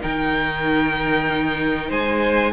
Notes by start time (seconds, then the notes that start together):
0.00 D#3 D#4 A#4 G5
1.88 G#3 C5 G#5